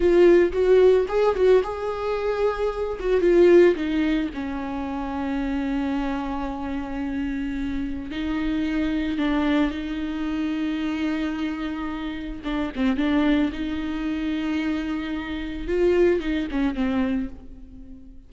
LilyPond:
\new Staff \with { instrumentName = "viola" } { \time 4/4 \tempo 4 = 111 f'4 fis'4 gis'8 fis'8 gis'4~ | gis'4. fis'8 f'4 dis'4 | cis'1~ | cis'2. dis'4~ |
dis'4 d'4 dis'2~ | dis'2. d'8 c'8 | d'4 dis'2.~ | dis'4 f'4 dis'8 cis'8 c'4 | }